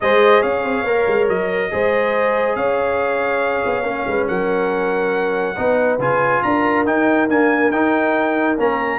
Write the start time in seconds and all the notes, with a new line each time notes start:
0.00 G#3 G#4 C5 D#5
0.41 C#4 C#5 F5
0.63 C4
0.83 A#3 A#4
1.07 G#3
1.28 F#3 D#5
1.70 G#3 G#4 C5
2.55 C#4 C#5 F5
3.65 B3
3.83 A#3 C#4
4.07 G#3 B4
4.27 F#3 A#4 F#5
5.56 B3 D#4 B4
5.98 C#3 F4 G#5
6.42 D4 A#4 A#5
6.85 D#4 G5
7.28 A#3 D4 G#5
7.71 D#4 G5
8.57 A#3 C#4 A#5